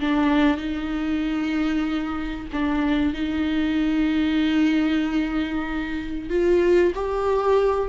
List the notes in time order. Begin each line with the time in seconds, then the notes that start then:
0.00 D4
0.57 D#4
2.53 D4
3.14 D#4
6.30 F4
6.95 G4